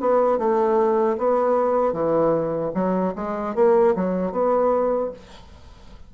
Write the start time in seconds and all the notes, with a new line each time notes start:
0.00 B3
0.38 A3
1.18 B3
1.92 E3
2.74 F#3
3.15 G#3
3.55 A#3
3.95 F#3
4.32 B3